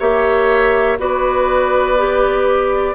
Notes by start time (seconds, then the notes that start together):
0.00 A#3 G4 C#5 E5
0.99 B3 F#4 B4 D5
1.98 G4